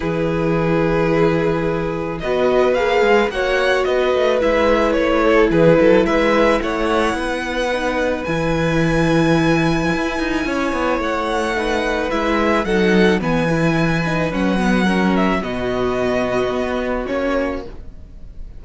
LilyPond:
<<
  \new Staff \with { instrumentName = "violin" } { \time 4/4 \tempo 4 = 109 b'1 | dis''4 f''4 fis''4 dis''4 | e''4 cis''4 b'4 e''4 | fis''2. gis''4~ |
gis''1 | fis''2 e''4 fis''4 | gis''2 fis''4. e''8 | dis''2. cis''4 | }
  \new Staff \with { instrumentName = "violin" } { \time 4/4 gis'1 | b'2 cis''4 b'4~ | b'4. a'8 gis'8 a'8 b'4 | cis''4 b'2.~ |
b'2. cis''4~ | cis''4 b'2 a'4 | b'2. ais'4 | fis'1 | }
  \new Staff \with { instrumentName = "viola" } { \time 4/4 e'1 | fis'4 gis'4 fis'2 | e'1~ | e'2 dis'4 e'4~ |
e'1~ | e'4 dis'4 e'4 dis'4 | b8 e'4 dis'8 cis'8 b8 cis'4 | b2. cis'4 | }
  \new Staff \with { instrumentName = "cello" } { \time 4/4 e1 | b4 ais8 gis8 ais4 b8 a8 | gis4 a4 e8 fis8 gis4 | a4 b2 e4~ |
e2 e'8 dis'8 cis'8 b8 | a2 gis4 fis4 | e2 fis2 | b,2 b4 ais4 | }
>>